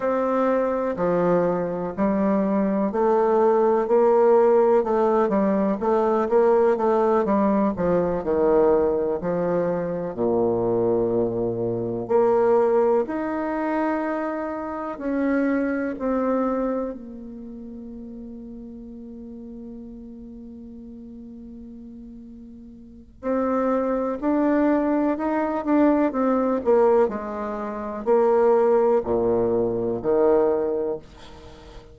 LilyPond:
\new Staff \with { instrumentName = "bassoon" } { \time 4/4 \tempo 4 = 62 c'4 f4 g4 a4 | ais4 a8 g8 a8 ais8 a8 g8 | f8 dis4 f4 ais,4.~ | ais,8 ais4 dis'2 cis'8~ |
cis'8 c'4 ais2~ ais8~ | ais1 | c'4 d'4 dis'8 d'8 c'8 ais8 | gis4 ais4 ais,4 dis4 | }